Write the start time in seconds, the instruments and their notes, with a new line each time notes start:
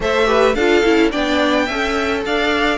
0.00 cello A3, viola A4, violin C5 E5
0.26 viola G4, violin B4
0.54 cello D4, viola F4, violin A4 F5
0.84 cello C#4, viola E4
1.11 cello B3, viola D4, violin D5 G5
1.65 cello C#4, viola A4, violin E5
2.25 cello D4, violin D5 F5